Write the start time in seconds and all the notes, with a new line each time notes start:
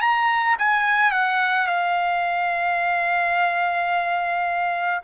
0.00 A#5
0.58 G#5
1.11 F#5
1.67 F5